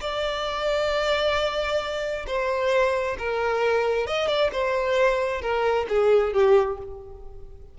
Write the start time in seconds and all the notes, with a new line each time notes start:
0.00 D5
2.26 C5
3.18 A#4
4.07 D#5
4.27 D5
4.52 C5
5.41 A#4
5.88 G#4
6.33 G4